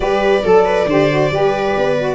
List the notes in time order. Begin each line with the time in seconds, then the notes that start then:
0.00 G3 G4 B4 D5
0.44 F#3 A4
0.64 B4
0.86 D3 G4 C5
1.10 F#4
1.31 G3 G4 B4
1.77 B3
1.98 F#4